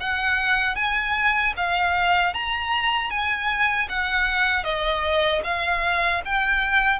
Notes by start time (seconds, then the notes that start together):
0.00 F#5
0.75 G#5
1.56 F5
2.34 A#5
3.10 G#5
3.89 F#5
4.64 D#5
5.44 F5
6.25 G5